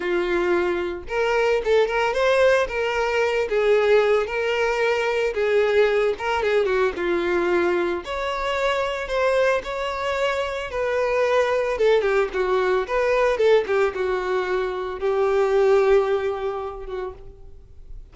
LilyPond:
\new Staff \with { instrumentName = "violin" } { \time 4/4 \tempo 4 = 112 f'2 ais'4 a'8 ais'8 | c''4 ais'4. gis'4. | ais'2 gis'4. ais'8 | gis'8 fis'8 f'2 cis''4~ |
cis''4 c''4 cis''2 | b'2 a'8 g'8 fis'4 | b'4 a'8 g'8 fis'2 | g'2.~ g'8 fis'8 | }